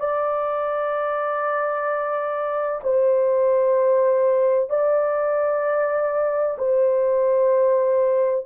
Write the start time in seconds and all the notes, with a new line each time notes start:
0.00 D5
2.83 C5
4.70 D5
6.58 C5